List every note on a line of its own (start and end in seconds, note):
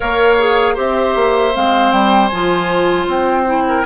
0.00 0.77 A#3
0.00 0.37 A#4
0.00 0.74 C#5
0.00 0.77 F5
0.38 0.75 G#4
0.74 1.15 C4
0.74 1.52 G4
0.74 3.63 C5
0.74 1.55 E5
1.15 1.54 A#3
1.53 1.92 G#3
1.53 2.30 C4
1.53 1.91 F5
1.91 2.30 G3
1.91 2.28 G5
2.28 3.07 F3
2.28 3.46 F4
2.28 3.05 G#5
3.07 3.84 C4
3.07 3.85 G5
3.46 3.84 E4
3.68 3.85 A#4